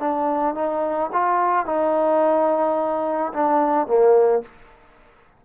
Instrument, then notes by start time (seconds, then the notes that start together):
trombone
0.00 D4
0.55 D#4
1.13 F4
1.66 D#4
3.34 D4
3.87 A#3